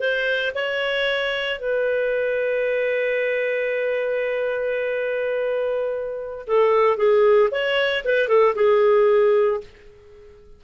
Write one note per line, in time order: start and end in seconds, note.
0.00 0.53 C5
0.55 1.59 C#5
1.59 6.46 B4
6.47 6.97 A4
6.97 7.50 G#4
7.51 8.04 C#5
8.05 8.29 B4
8.29 8.55 A4
8.56 9.61 G#4